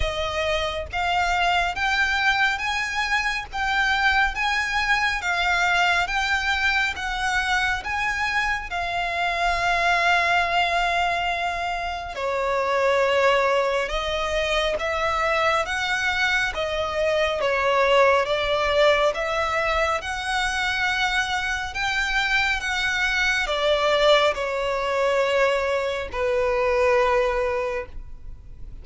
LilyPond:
\new Staff \with { instrumentName = "violin" } { \time 4/4 \tempo 4 = 69 dis''4 f''4 g''4 gis''4 | g''4 gis''4 f''4 g''4 | fis''4 gis''4 f''2~ | f''2 cis''2 |
dis''4 e''4 fis''4 dis''4 | cis''4 d''4 e''4 fis''4~ | fis''4 g''4 fis''4 d''4 | cis''2 b'2 | }